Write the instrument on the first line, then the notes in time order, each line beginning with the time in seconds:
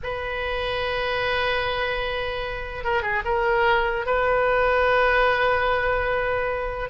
oboe
0.03 B4
2.83 A#4
3.02 G#4
3.24 A#4
4.05 B4